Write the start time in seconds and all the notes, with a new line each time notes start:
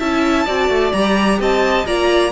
0.00 C#4 E4 E5 A5
0.46 C4 F#4 D5
0.69 A3
0.93 G3 G4 A#5
1.40 C4 D#5 A5
1.87 A#3 F4 D5 A#5